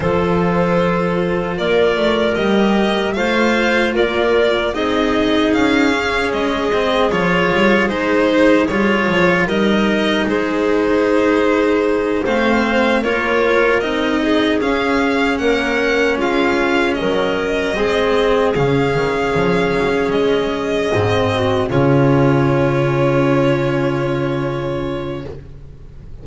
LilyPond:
<<
  \new Staff \with { instrumentName = "violin" } { \time 4/4 \tempo 4 = 76 c''2 d''4 dis''4 | f''4 d''4 dis''4 f''4 | dis''4 cis''4 c''4 cis''4 | dis''4 c''2~ c''8 f''8~ |
f''8 cis''4 dis''4 f''4 fis''8~ | fis''8 f''4 dis''2 f''8~ | f''4. dis''2 cis''8~ | cis''1 | }
  \new Staff \with { instrumentName = "clarinet" } { \time 4/4 a'2 ais'2 | c''4 ais'4 gis'2~ | gis'1 | ais'4 gis'2~ gis'8 c''8~ |
c''8 ais'4. gis'4. ais'8~ | ais'8 f'4 ais'4 gis'4.~ | gis'2. fis'8 f'8~ | f'1 | }
  \new Staff \with { instrumentName = "cello" } { \time 4/4 f'2. g'4 | f'2 dis'4. cis'8~ | cis'8 c'8 f'4 dis'4 f'4 | dis'2.~ dis'8 c'8~ |
c'8 f'4 dis'4 cis'4.~ | cis'2~ cis'8 c'4 cis'8~ | cis'2~ cis'8 c'4 cis'8~ | cis'1 | }
  \new Staff \with { instrumentName = "double bass" } { \time 4/4 f2 ais8 a8 g4 | a4 ais4 c'4 cis'4 | gis4 f8 g8 gis4 g8 f8 | g4 gis2~ gis8 a8~ |
a8 ais4 c'4 cis'4 ais8~ | ais8 gis4 fis4 gis4 cis8 | dis8 f8 fis8 gis4 gis,4 cis8~ | cis1 | }
>>